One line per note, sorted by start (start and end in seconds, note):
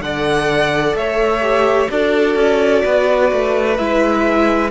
0.00 0.94 D3
0.00 1.42 A4
0.00 0.98 D5
0.00 0.96 F#5
0.94 1.88 A3
0.94 1.91 C#5
0.94 1.91 E5
1.42 1.88 G4
1.90 2.36 D4
1.90 3.78 F#4
1.90 2.84 A4
1.90 3.77 D5
2.36 2.83 C#4
2.84 3.32 B3
2.84 4.71 B4
3.32 3.79 A3
3.77 4.71 G#3
3.77 4.71 E4
3.77 4.71 E5